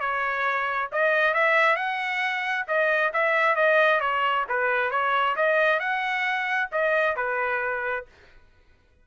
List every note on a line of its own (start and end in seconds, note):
0.00 0.90 C#5
0.92 1.34 D#5
1.34 1.76 E5
1.76 2.66 F#5
2.68 3.13 D#5
3.13 3.56 E5
3.56 4.01 D#5
4.01 4.45 C#5
4.49 4.91 B4
4.91 5.36 C#5
5.36 5.80 D#5
5.80 6.69 F#5
6.72 7.16 D#5
7.16 8.06 B4